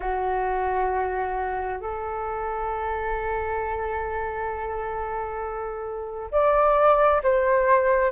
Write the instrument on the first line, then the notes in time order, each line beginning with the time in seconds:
flute
0.00 F#4
1.79 A4
6.31 D5
7.23 C5